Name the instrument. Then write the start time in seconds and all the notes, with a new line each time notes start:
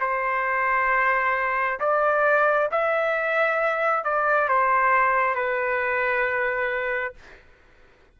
trumpet
0.00 C5
1.80 D5
2.71 E5
4.04 D5
4.49 C5
5.35 B4